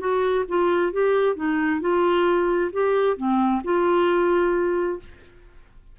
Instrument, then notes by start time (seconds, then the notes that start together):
clarinet
0.00 F#4
0.49 F4
0.93 G4
1.36 D#4
1.81 F4
2.73 G4
3.17 C4
3.64 F4